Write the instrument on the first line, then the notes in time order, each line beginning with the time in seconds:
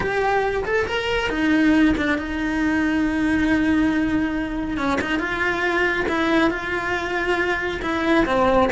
cello
0.00 G4
0.64 A4
0.86 A#4
1.29 D#4
1.97 D4
2.18 D#4
4.77 C#4
5.01 D#4
5.19 F4
6.08 E4
6.50 F4
7.82 E4
8.25 C4